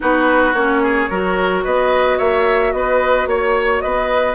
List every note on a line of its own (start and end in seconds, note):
0.00 0.53 B3
0.00 0.54 D#4
0.00 0.82 F#4
0.00 0.53 B4
0.53 1.08 A#3
0.53 1.10 C#4
0.53 1.62 C#5
0.82 1.09 G#4
1.09 1.64 F#3
1.09 4.34 F#4
1.09 1.63 A#4
1.63 2.19 B3
1.63 2.18 B4
1.63 2.18 D#5
2.18 2.73 A#3
2.18 2.72 C#5
2.18 2.72 E5
2.72 3.26 B3
2.72 3.28 B4
2.72 3.27 D#5
3.26 3.81 A#3
3.26 3.80 C#5
3.26 3.83 C#5
3.80 4.34 B3
3.80 4.34 B4
3.80 4.34 D#5